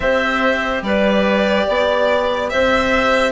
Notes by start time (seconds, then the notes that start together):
0.00 C4 G4 C5 E5
0.81 G3 B4 D5
1.66 B3 D5
2.49 C4 C5 E5